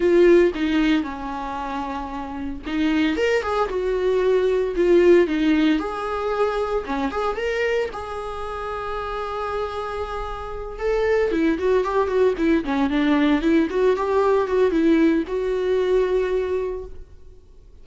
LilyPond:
\new Staff \with { instrumentName = "viola" } { \time 4/4 \tempo 4 = 114 f'4 dis'4 cis'2~ | cis'4 dis'4 ais'8 gis'8 fis'4~ | fis'4 f'4 dis'4 gis'4~ | gis'4 cis'8 gis'8 ais'4 gis'4~ |
gis'1~ | gis'8 a'4 e'8 fis'8 g'8 fis'8 e'8 | cis'8 d'4 e'8 fis'8 g'4 fis'8 | e'4 fis'2. | }